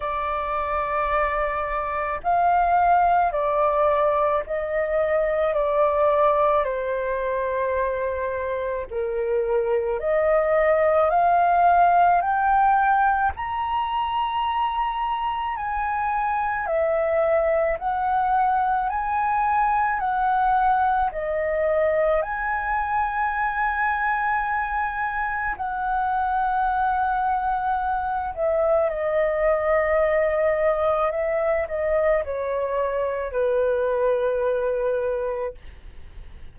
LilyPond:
\new Staff \with { instrumentName = "flute" } { \time 4/4 \tempo 4 = 54 d''2 f''4 d''4 | dis''4 d''4 c''2 | ais'4 dis''4 f''4 g''4 | ais''2 gis''4 e''4 |
fis''4 gis''4 fis''4 dis''4 | gis''2. fis''4~ | fis''4. e''8 dis''2 | e''8 dis''8 cis''4 b'2 | }